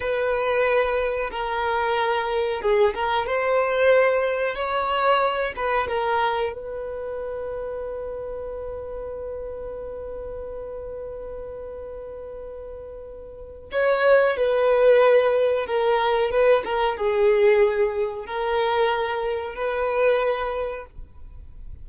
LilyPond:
\new Staff \with { instrumentName = "violin" } { \time 4/4 \tempo 4 = 92 b'2 ais'2 | gis'8 ais'8 c''2 cis''4~ | cis''8 b'8 ais'4 b'2~ | b'1~ |
b'1~ | b'4 cis''4 b'2 | ais'4 b'8 ais'8 gis'2 | ais'2 b'2 | }